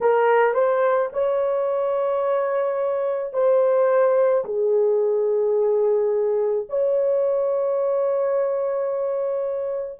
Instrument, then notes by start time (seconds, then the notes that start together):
horn
0.00 A#4
0.54 C5
1.13 C#5
3.33 C5
4.44 G#4
6.69 C#5